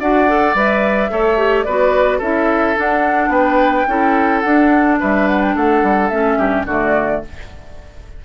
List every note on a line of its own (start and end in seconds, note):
0.00 0.55 D4
0.00 0.28 F#4
0.00 1.11 D5
0.00 0.56 F#5
0.28 0.56 A4
0.55 1.10 G3
0.55 1.10 B4
0.55 1.63 E5
1.10 1.66 A3
1.10 1.37 A4
1.10 1.65 C#5
1.37 1.65 G4
1.63 2.20 B3
1.63 2.22 F#4
1.63 2.18 B4
1.63 2.19 D5
2.18 2.76 C#4
2.18 2.76 E4
2.18 3.29 A4
2.18 2.78 E5
2.76 3.87 D4
2.76 3.29 D4
2.76 3.32 F#5
3.29 3.84 B3
3.29 3.87 B4
3.29 4.40 G5
3.88 4.43 C#4
3.88 4.44 E4
3.88 5.00 A4
4.40 5.01 D4
4.40 6.11 D4
4.40 4.96 F#5
5.00 5.56 G3
5.00 5.55 B4
5.00 5.28 E5
5.28 5.42 F#5
5.42 5.56 G5
5.55 5.83 A3
5.55 6.38 A4
5.55 6.09 F#5
5.83 6.11 G3
6.09 6.38 A3
6.09 6.67 C#4
6.09 6.64 E5
6.38 6.65 G2
6.38 6.66 G4
6.65 7.21 D3
6.65 7.24 A3
6.65 7.22 F#4
6.65 7.25 D5